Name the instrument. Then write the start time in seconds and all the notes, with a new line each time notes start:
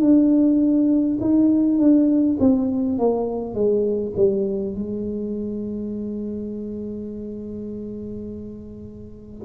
tuba
0.00 D4
1.20 D#4
1.79 D4
2.40 C4
2.98 A#3
3.55 G#3
4.16 G3
4.75 G#3